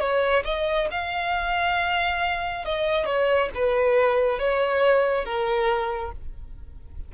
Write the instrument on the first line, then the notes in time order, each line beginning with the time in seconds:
violin
0.00 C#5
0.45 D#5
0.91 F5
2.65 D#5
3.06 C#5
3.55 B4
4.39 C#5
5.25 A#4